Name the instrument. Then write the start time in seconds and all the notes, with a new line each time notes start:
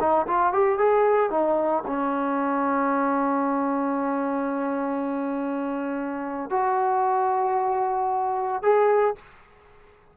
trombone
0.00 D#4
0.27 F4
0.53 G4
0.78 G#4
1.31 D#4
1.87 C#4
6.50 F#4
8.62 G#4